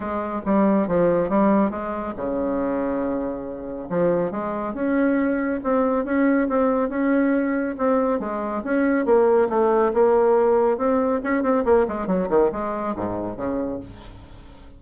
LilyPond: \new Staff \with { instrumentName = "bassoon" } { \time 4/4 \tempo 4 = 139 gis4 g4 f4 g4 | gis4 cis2.~ | cis4 f4 gis4 cis'4~ | cis'4 c'4 cis'4 c'4 |
cis'2 c'4 gis4 | cis'4 ais4 a4 ais4~ | ais4 c'4 cis'8 c'8 ais8 gis8 | fis8 dis8 gis4 gis,4 cis4 | }